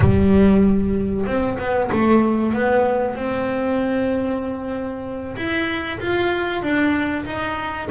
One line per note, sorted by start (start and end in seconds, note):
0.00 1.25 G3
1.26 1.57 C4
1.58 1.90 B3
1.91 2.53 A3
2.53 3.15 B3
3.15 5.36 C4
5.36 5.99 E4
5.99 6.62 F4
6.62 7.25 D4
7.25 7.89 D#4